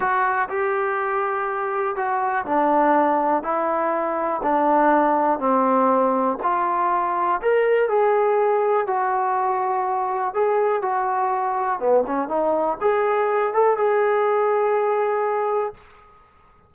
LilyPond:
\new Staff \with { instrumentName = "trombone" } { \time 4/4 \tempo 4 = 122 fis'4 g'2. | fis'4 d'2 e'4~ | e'4 d'2 c'4~ | c'4 f'2 ais'4 |
gis'2 fis'2~ | fis'4 gis'4 fis'2 | b8 cis'8 dis'4 gis'4. a'8 | gis'1 | }